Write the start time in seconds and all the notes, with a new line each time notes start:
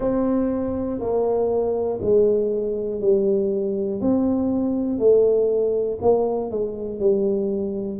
0.00 C4
1.00 A#3
2.01 G#3
3.00 G3
4.00 C4
4.99 A3
6.01 A#3
6.50 G#3
7.00 G3